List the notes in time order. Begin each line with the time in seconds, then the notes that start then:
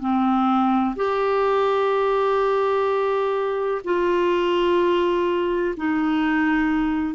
0.00 C4
0.96 G4
3.84 F4
5.77 D#4